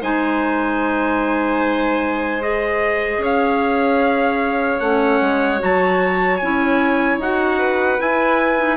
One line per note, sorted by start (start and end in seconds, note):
0.00 3.18 G#3
0.00 2.41 D#4
0.00 3.20 C5
0.00 2.42 G#5
2.41 4.81 G#4
2.41 3.22 D#5
3.18 4.78 C#4
3.18 7.58 C#5
3.24 4.80 F5
4.80 5.20 A3
4.80 5.59 C#4
4.80 5.60 F#5
5.21 5.61 G#3
5.59 6.41 F#3
5.59 6.39 F#4
5.59 6.37 A5
6.37 7.18 C#4
6.37 7.22 E4
6.37 7.17 G#5
7.18 7.98 D#4
7.18 7.98 F#4
7.18 8.01 F#5
7.58 8.76 B4
7.98 8.58 E4
7.98 8.76 E4
7.98 8.76 G#5
8.58 8.76 D#4